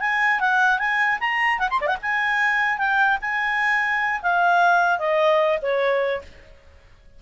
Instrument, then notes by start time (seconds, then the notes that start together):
clarinet
0.00 G#5
0.40 F#5
0.79 G#5
1.20 A#5
1.59 F#5
1.70 C6
1.80 D5
1.87 F#5
2.02 G#5
2.78 G5
3.21 G#5
4.22 F5
4.99 D#5
5.62 C#5